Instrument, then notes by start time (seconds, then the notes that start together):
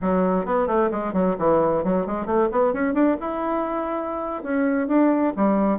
bassoon
0.01 F#3
0.45 B3
0.67 A3
0.91 G#3
1.13 F#3
1.38 E3
1.83 F#3
2.06 G#3
2.25 A3
2.51 B3
2.73 C#4
2.94 D4
3.20 E4
4.43 C#4
4.87 D4
5.36 G3